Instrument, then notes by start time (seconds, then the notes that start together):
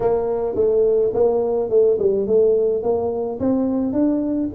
tuba
0.00 A#3
0.55 A3
1.13 A#3
1.69 A3
1.98 G3
2.26 A3
2.82 A#3
3.39 C4
3.92 D4